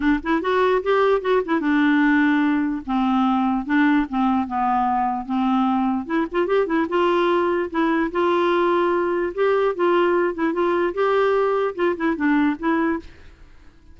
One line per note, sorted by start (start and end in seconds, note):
0.00 0.20 D4
0.23 0.41 E4
0.41 0.82 F#4
0.82 1.21 G4
1.21 1.41 F#4
1.45 1.60 E4
1.60 2.82 D4
2.86 3.65 C4
3.65 4.06 D4
4.09 4.47 C4
4.47 5.25 B3
5.25 6.06 C4
6.06 6.26 E4
6.31 6.47 F4
6.47 6.66 G4
6.66 6.86 E4
6.89 7.70 F4
7.70 8.11 E4
8.11 9.33 F4
9.34 9.75 G4
9.75 10.34 F4
10.34 10.53 E4
10.53 10.93 F4
10.93 11.75 G4
11.75 11.95 F4
11.96 12.15 E4
12.15 12.56 D4
12.59 12.99 E4